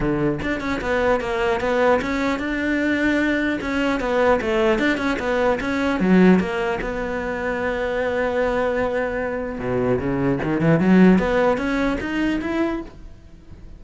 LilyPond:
\new Staff \with { instrumentName = "cello" } { \time 4/4 \tempo 4 = 150 d4 d'8 cis'8 b4 ais4 | b4 cis'4 d'2~ | d'4 cis'4 b4 a4 | d'8 cis'8 b4 cis'4 fis4 |
ais4 b2.~ | b1 | b,4 cis4 dis8 e8 fis4 | b4 cis'4 dis'4 e'4 | }